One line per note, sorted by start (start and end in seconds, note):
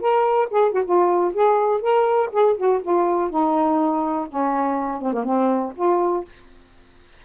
0.00 0.49 A#4
0.50 0.72 G#4
0.72 0.84 F#4
0.85 1.33 F4
1.34 1.81 G#4
1.81 2.30 A#4
2.32 2.57 G#4
2.57 2.81 F#4
2.82 3.30 F4
3.30 4.28 D#4
4.29 5.02 C#4
5.02 5.13 C4
5.13 5.24 A#3
5.24 5.73 C4
5.76 6.25 F4